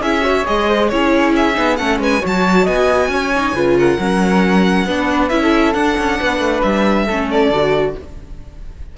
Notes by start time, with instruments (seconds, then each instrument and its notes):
0.00 cello C#4, viola E4, flute G#4, violin E5
0.21 viola F#4, flute C#5
0.45 cello G#3, viola G#4, violin D#5
0.68 flute C5
0.88 cello C#4, viola E4, flute G#4, violin C#5
1.35 violin E5
1.53 cello B3, viola D#4
1.76 cello A3, viola C#4, flute A4, violin F#5
1.98 cello G#3, flute B4, violin G#5
2.19 cello F#3, viola F#4, flute C#5
2.27 violin A5
2.64 cello B3, flute D#5, violin G#5
3.08 cello C#4, flute C#5
3.35 viola D#4
3.53 cello C#3, viola F4, flute B4
3.78 flute A#4, violin F#5
3.98 cello F#3, viola C#4
4.86 cello B3, viola D4, flute B4
5.29 cello C#4, viola E4, violin E5
5.42 flute A4
5.73 cello D4, viola D4, violin F#5
5.97 cello C#4
6.20 cello B3, flute B4
6.39 cello A3
6.62 cello G3, violin E5
7.06 cello A3, viola C#4, flute A4
7.30 violin D5
7.50 cello D3, viola F#4